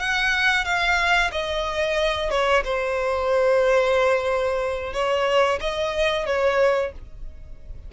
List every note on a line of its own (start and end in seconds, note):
0.00 0.65 F#5
0.65 1.31 F5
1.32 2.31 D#5
2.31 2.64 C#5
2.65 4.94 C5
4.94 5.60 C#5
5.61 6.26 D#5
6.26 6.92 C#5